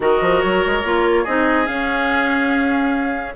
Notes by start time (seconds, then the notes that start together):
0.00 D#3 F#4 A#4 D#5
0.21 F3
0.41 F#3 C#5
0.66 G#3
0.84 A#3 F4
1.23 C4 D#4 G#4 D#5
1.65 C#4 F5